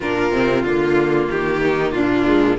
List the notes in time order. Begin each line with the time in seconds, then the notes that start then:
0.00 A#2 D4 F4 A#4
0.31 C3 C4
0.63 D3 A#3 F4
1.30 D#3 G4
1.62 D#4
1.91 A#2 D4 F4
2.25 G#3